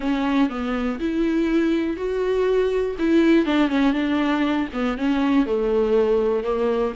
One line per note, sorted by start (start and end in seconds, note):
0.00 0.49 C#4
0.49 0.99 B3
0.99 1.96 E4
1.96 2.95 F#4
2.98 3.45 E4
3.45 3.69 D4
3.69 3.93 C#4
3.93 4.67 D4
4.73 4.97 B3
4.97 5.46 C#4
5.46 6.43 A3
6.43 6.93 A#3